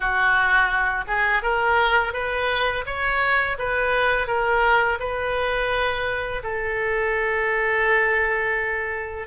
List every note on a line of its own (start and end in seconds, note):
0.00 1.04 F#4
1.07 1.42 G#4
1.42 2.13 A#4
2.13 2.84 B4
2.86 3.57 C#5
3.58 4.27 B4
4.27 4.98 A#4
4.99 6.42 B4
6.43 9.27 A4